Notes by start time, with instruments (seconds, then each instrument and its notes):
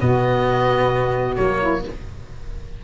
0.00 tuba B2, cello B3, saxophone F#4, oboe D#5
1.36 tuba F#3, cello A#3, oboe C#5
1.59 saxophone E4